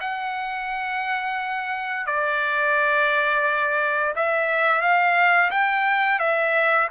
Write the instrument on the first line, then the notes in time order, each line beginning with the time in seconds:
trumpet
0.00 F#5
2.06 D5
4.15 E5
4.81 F5
5.50 G5
6.19 E5